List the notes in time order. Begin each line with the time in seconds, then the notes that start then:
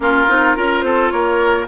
0.00 A#3 C#4 F4 A#4
0.28 C4 D#4
0.55 C#4 F4 A#4
0.81 C4 A4 C5
1.10 A#3 A#4 C#5